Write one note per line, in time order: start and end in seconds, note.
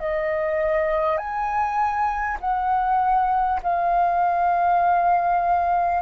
0.00 1.18 D#5
1.18 2.38 G#5
2.41 3.61 F#5
3.63 6.02 F5